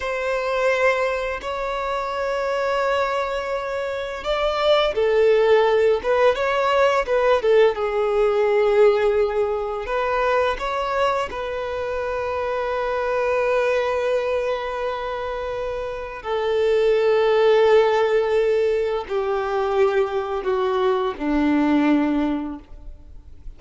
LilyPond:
\new Staff \with { instrumentName = "violin" } { \time 4/4 \tempo 4 = 85 c''2 cis''2~ | cis''2 d''4 a'4~ | a'8 b'8 cis''4 b'8 a'8 gis'4~ | gis'2 b'4 cis''4 |
b'1~ | b'2. a'4~ | a'2. g'4~ | g'4 fis'4 d'2 | }